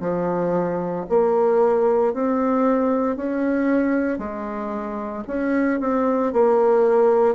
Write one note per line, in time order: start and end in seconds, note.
0.00 1.05 F3
1.09 2.13 A#3
2.13 3.16 C4
3.16 4.18 C#4
4.18 5.23 G#3
5.27 5.79 C#4
5.80 6.33 C4
6.33 7.34 A#3